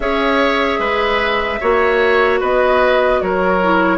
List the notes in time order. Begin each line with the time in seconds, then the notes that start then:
0.00 C#4 G#4 C#5 E5
0.78 G#3 B4
1.60 A#3 F#4 C#5
2.40 B3 B4 D#5
3.21 F#3 A#4 C#5
3.62 E4